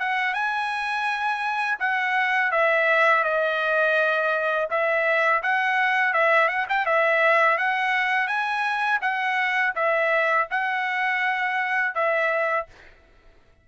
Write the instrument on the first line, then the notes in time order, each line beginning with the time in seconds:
trumpet
0.00 F#5
0.34 G#5
1.80 F#5
2.52 E5
3.24 D#5
4.71 E5
5.43 F#5
6.14 E5
6.49 F#5
6.69 G5
6.86 E5
7.58 F#5
8.28 G#5
9.02 F#5
9.76 E5
10.51 F#5
11.95 E5